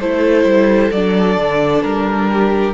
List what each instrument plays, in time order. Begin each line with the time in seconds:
0.00 cello A3, viola E4, violin A4 C5
0.44 cello G3
0.91 cello F#3, viola D4, violin D5
1.37 cello D3
1.82 cello G3, violin A#4
2.32 violin G4